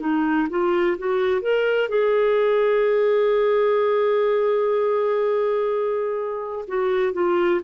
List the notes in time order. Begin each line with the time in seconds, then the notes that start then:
0.00 D#4
0.49 F4
0.98 F#4
1.41 A#4
1.89 G#4
6.68 F#4
7.13 F4